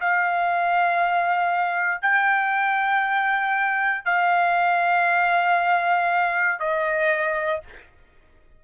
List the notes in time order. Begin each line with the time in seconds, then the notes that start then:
0.00 F5
2.02 G5
4.05 F5
6.59 D#5